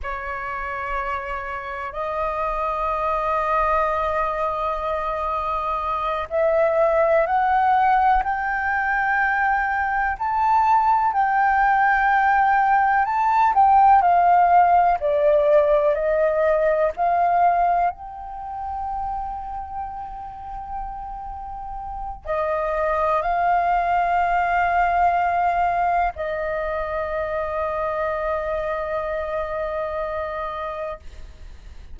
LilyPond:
\new Staff \with { instrumentName = "flute" } { \time 4/4 \tempo 4 = 62 cis''2 dis''2~ | dis''2~ dis''8 e''4 fis''8~ | fis''8 g''2 a''4 g''8~ | g''4. a''8 g''8 f''4 d''8~ |
d''8 dis''4 f''4 g''4.~ | g''2. dis''4 | f''2. dis''4~ | dis''1 | }